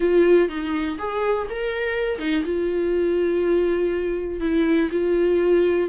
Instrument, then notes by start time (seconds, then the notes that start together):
viola
0.00 F4
0.49 D#4
0.98 G#4
1.49 A#4
2.18 D#4
2.44 F4
4.40 E4
4.91 F4